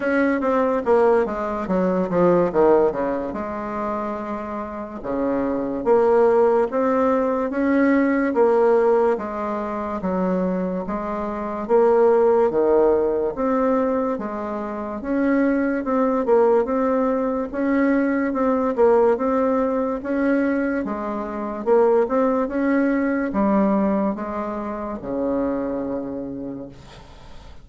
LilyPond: \new Staff \with { instrumentName = "bassoon" } { \time 4/4 \tempo 4 = 72 cis'8 c'8 ais8 gis8 fis8 f8 dis8 cis8 | gis2 cis4 ais4 | c'4 cis'4 ais4 gis4 | fis4 gis4 ais4 dis4 |
c'4 gis4 cis'4 c'8 ais8 | c'4 cis'4 c'8 ais8 c'4 | cis'4 gis4 ais8 c'8 cis'4 | g4 gis4 cis2 | }